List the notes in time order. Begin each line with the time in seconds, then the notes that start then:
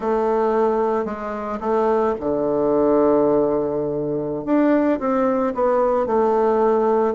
0.00 A3
1.05 G#3
1.60 A3
2.19 D3
4.45 D4
4.99 C4
5.54 B3
6.06 A3